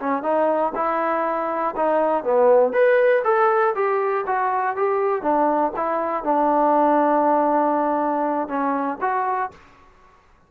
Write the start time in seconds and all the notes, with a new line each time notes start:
0.00 C#4
0.23 D#4
0.75 E4
1.77 D#4
2.24 B3
2.73 B4
3.25 A4
3.75 G4
4.27 F#4
4.77 G4
5.22 D4
5.77 E4
6.24 D4
8.49 C#4
9.02 F#4